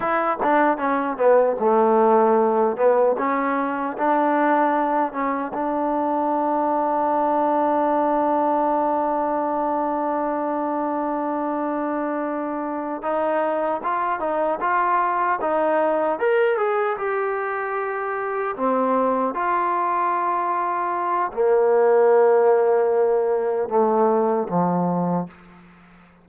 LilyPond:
\new Staff \with { instrumentName = "trombone" } { \time 4/4 \tempo 4 = 76 e'8 d'8 cis'8 b8 a4. b8 | cis'4 d'4. cis'8 d'4~ | d'1~ | d'1~ |
d'8 dis'4 f'8 dis'8 f'4 dis'8~ | dis'8 ais'8 gis'8 g'2 c'8~ | c'8 f'2~ f'8 ais4~ | ais2 a4 f4 | }